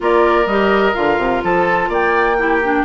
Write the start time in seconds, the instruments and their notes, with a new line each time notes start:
0.00 bassoon A#3, clarinet F4, oboe A#4, flute D5
0.46 bassoon G3, clarinet G4, flute D#5
0.93 bassoon D3, clarinet F4, flute F5
1.18 bassoon C3
1.43 bassoon F3, oboe A4, flute A5
1.88 bassoon A#3, oboe D5, flute G5
2.38 clarinet E4, oboe G4
2.63 clarinet D4